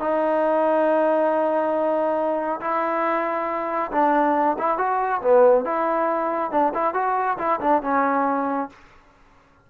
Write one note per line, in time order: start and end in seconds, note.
0.00 2.61 D#4
2.61 3.92 E4
3.92 4.57 D4
4.59 4.78 E4
4.78 5.22 F#4
5.22 5.65 B3
5.65 6.52 E4
6.52 6.73 D4
6.74 6.94 E4
6.94 7.38 F#4
7.39 7.60 E4
7.61 7.83 D4
7.83 8.70 C#4